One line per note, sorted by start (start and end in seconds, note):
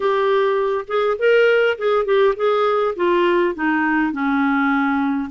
0.00 0.85 G4
0.87 1.17 G#4
1.18 1.77 A#4
1.78 2.05 G#4
2.05 2.34 G4
2.36 2.94 G#4
2.96 3.54 F4
3.54 4.12 D#4
4.12 5.29 C#4